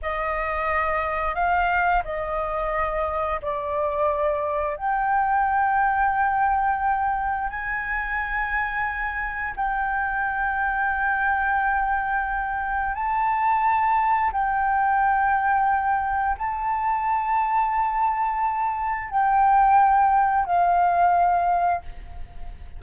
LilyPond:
\new Staff \with { instrumentName = "flute" } { \time 4/4 \tempo 4 = 88 dis''2 f''4 dis''4~ | dis''4 d''2 g''4~ | g''2. gis''4~ | gis''2 g''2~ |
g''2. a''4~ | a''4 g''2. | a''1 | g''2 f''2 | }